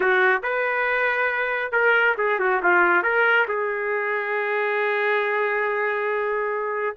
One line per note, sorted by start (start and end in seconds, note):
0.00 0.42 F#4
0.42 1.72 B4
1.72 2.15 A#4
2.17 2.39 G#4
2.39 2.61 F#4
2.62 3.02 F4
3.02 3.46 A#4
3.47 6.95 G#4